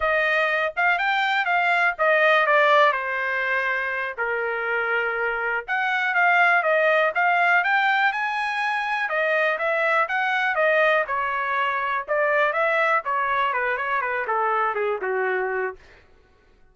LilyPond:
\new Staff \with { instrumentName = "trumpet" } { \time 4/4 \tempo 4 = 122 dis''4. f''8 g''4 f''4 | dis''4 d''4 c''2~ | c''8 ais'2. fis''8~ | fis''8 f''4 dis''4 f''4 g''8~ |
g''8 gis''2 dis''4 e''8~ | e''8 fis''4 dis''4 cis''4.~ | cis''8 d''4 e''4 cis''4 b'8 | cis''8 b'8 a'4 gis'8 fis'4. | }